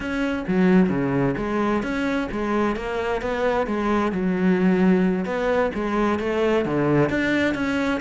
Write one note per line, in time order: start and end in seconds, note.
0.00 0.45 C#4
0.47 0.89 F#3
0.89 1.35 C#3
1.37 1.82 G#3
1.82 2.28 C#4
2.31 2.76 G#3
2.76 3.21 A#3
3.21 3.66 B3
3.66 4.12 G#3
4.12 5.25 F#3
5.25 5.70 B3
5.74 6.19 G#3
6.19 6.65 A3
6.65 7.09 D3
7.09 7.54 D4
7.54 8.00 C#4